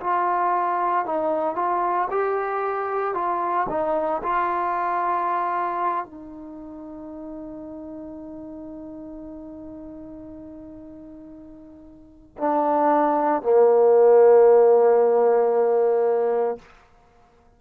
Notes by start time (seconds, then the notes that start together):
0.00 F4
1.05 D#4
1.56 F4
2.11 G4
3.14 F4
3.69 D#4
4.23 F4
6.05 D#4
12.38 D4
13.42 A#3